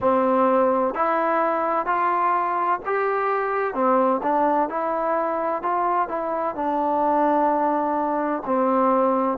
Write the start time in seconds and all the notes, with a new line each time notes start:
0.00 C4
0.94 E4
1.86 F4
2.85 G4
3.74 C4
4.22 D4
4.69 E4
5.62 F4
6.08 E4
6.55 D4
8.45 C4